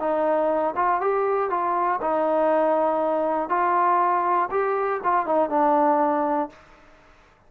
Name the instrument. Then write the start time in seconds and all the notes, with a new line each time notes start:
trombone
0.00 D#4
0.76 F4
1.01 G4
1.51 F4
2.02 D#4
3.50 F4
4.51 G4
5.04 F4
5.26 D#4
5.50 D4